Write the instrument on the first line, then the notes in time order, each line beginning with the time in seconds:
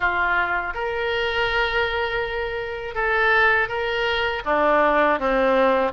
oboe
0.00 F4
0.73 A#4
2.95 A4
3.68 A#4
4.45 D4
5.19 C4